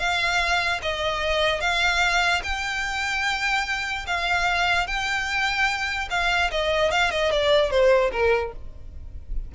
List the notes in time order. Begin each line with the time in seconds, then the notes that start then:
0.00 F5
0.83 D#5
1.61 F5
2.44 G5
4.07 F5
4.88 G5
6.11 F5
6.52 D#5
6.92 F5
7.11 D#5
7.32 D5
7.71 C5
8.12 A#4